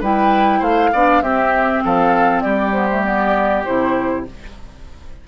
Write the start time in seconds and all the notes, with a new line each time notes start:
0.00 G3 E4 B4 G5
0.59 A3 C5 F5
0.93 B3 D4 D5
1.21 C4 G4 E5
1.84 F3 A4 F5
2.41 G3 G4 D5
2.72 B3 C5
2.90 A3
3.03 B3 D5
3.64 C3 E4 C5